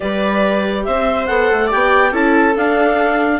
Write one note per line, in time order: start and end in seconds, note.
0.00 0.87 G3
0.00 1.27 G4
0.00 0.86 B4
0.00 0.84 D5
0.85 1.29 C4
0.85 1.67 C5
0.85 1.26 E5
1.26 1.50 B3
1.26 1.70 A4
1.26 1.68 F#5
1.51 1.72 A3
1.67 2.12 G4
1.67 2.09 D5
1.67 2.14 G5
1.74 2.12 B3
2.11 2.54 C#4
2.11 2.55 E4
2.11 3.39 A4
2.11 2.56 A5
2.56 3.39 D4
2.56 3.39 F5